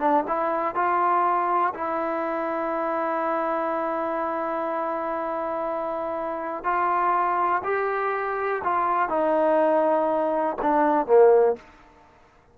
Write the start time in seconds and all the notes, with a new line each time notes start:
0.00 D4
0.28 E4
0.76 F4
1.75 E4
6.64 F4
7.64 G4
8.64 F4
9.09 D#4
10.62 D4
11.07 A#3